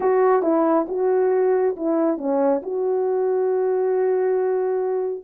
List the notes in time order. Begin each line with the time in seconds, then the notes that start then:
0.00 F#4
0.42 E4
0.88 F#4
1.76 E4
2.17 C#4
2.62 F#4